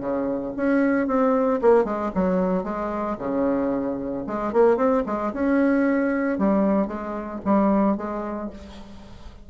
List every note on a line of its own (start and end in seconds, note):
0.00 0.53 C#3
0.56 1.07 C#4
1.07 1.60 C4
1.62 1.84 A#3
1.84 2.11 G#3
2.15 2.64 F#3
2.64 3.17 G#3
3.19 4.25 C#3
4.27 4.53 G#3
4.53 4.77 A#3
4.77 5.03 C4
5.06 5.32 G#3
5.33 6.38 C#4
6.38 6.87 G3
6.87 7.40 G#3
7.45 7.97 G3
7.97 8.50 G#3